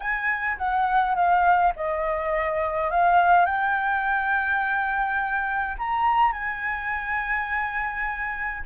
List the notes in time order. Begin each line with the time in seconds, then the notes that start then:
0.00 G#5
0.57 F#5
1.15 F5
1.76 D#5
2.90 F5
3.45 G5
5.78 A#5
6.32 G#5